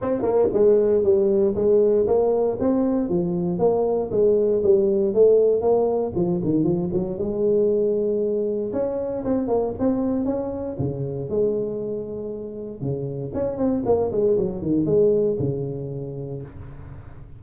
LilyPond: \new Staff \with { instrumentName = "tuba" } { \time 4/4 \tempo 4 = 117 c'8 ais8 gis4 g4 gis4 | ais4 c'4 f4 ais4 | gis4 g4 a4 ais4 | f8 dis8 f8 fis8 gis2~ |
gis4 cis'4 c'8 ais8 c'4 | cis'4 cis4 gis2~ | gis4 cis4 cis'8 c'8 ais8 gis8 | fis8 dis8 gis4 cis2 | }